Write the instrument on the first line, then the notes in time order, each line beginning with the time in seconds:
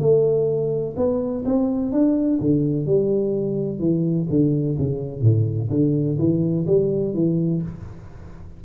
tuba
0.00 A3
0.97 B3
1.46 C4
1.92 D4
2.41 D3
2.86 G3
3.80 E3
4.30 D3
4.78 C#3
5.22 A2
5.71 D3
6.19 E3
6.67 G3
7.15 E3